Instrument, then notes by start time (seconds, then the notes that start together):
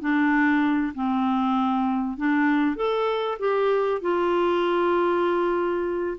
clarinet
0.00 D4
0.94 C4
2.17 D4
2.76 A4
3.39 G4
4.01 F4